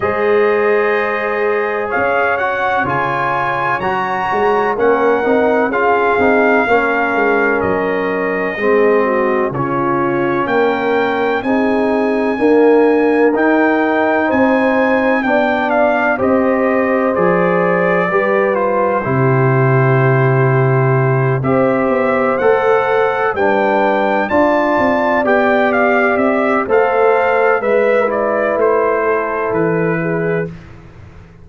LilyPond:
<<
  \new Staff \with { instrumentName = "trumpet" } { \time 4/4 \tempo 4 = 63 dis''2 f''8 fis''8 gis''4 | ais''4 fis''4 f''2 | dis''2 cis''4 g''4 | gis''2 g''4 gis''4 |
g''8 f''8 dis''4 d''4. c''8~ | c''2~ c''8 e''4 fis''8~ | fis''8 g''4 a''4 g''8 f''8 e''8 | f''4 e''8 d''8 c''4 b'4 | }
  \new Staff \with { instrumentName = "horn" } { \time 4/4 c''2 cis''2~ | cis''4 ais'4 gis'4 ais'4~ | ais'4 gis'8 fis'8 f'4 ais'4 | gis'4 ais'2 c''4 |
d''4 c''2 b'4 | g'2~ g'8 c''4.~ | c''8 b'4 d''2~ d''8 | c''4 b'4. a'4 gis'8 | }
  \new Staff \with { instrumentName = "trombone" } { \time 4/4 gis'2~ gis'8 fis'8 f'4 | fis'4 cis'8 dis'8 f'8 dis'8 cis'4~ | cis'4 c'4 cis'2 | dis'4 ais4 dis'2 |
d'4 g'4 gis'4 g'8 f'8 | e'2~ e'8 g'4 a'8~ | a'8 d'4 f'4 g'4. | a'4 b'8 e'2~ e'8 | }
  \new Staff \with { instrumentName = "tuba" } { \time 4/4 gis2 cis'4 cis4 | fis8 gis8 ais8 c'8 cis'8 c'8 ais8 gis8 | fis4 gis4 cis4 ais4 | c'4 d'4 dis'4 c'4 |
b4 c'4 f4 g4 | c2~ c8 c'8 b8 a8~ | a8 g4 d'8 c'8 b4 c'8 | a4 gis4 a4 e4 | }
>>